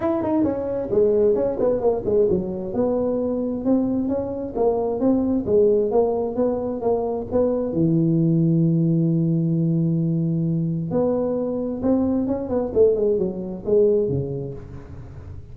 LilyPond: \new Staff \with { instrumentName = "tuba" } { \time 4/4 \tempo 4 = 132 e'8 dis'8 cis'4 gis4 cis'8 b8 | ais8 gis8 fis4 b2 | c'4 cis'4 ais4 c'4 | gis4 ais4 b4 ais4 |
b4 e2.~ | e1 | b2 c'4 cis'8 b8 | a8 gis8 fis4 gis4 cis4 | }